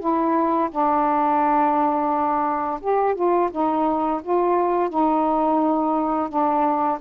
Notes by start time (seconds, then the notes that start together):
0.00 E4
0.71 D4
2.81 G4
3.15 F4
3.52 D#4
4.23 F4
4.90 D#4
6.29 D4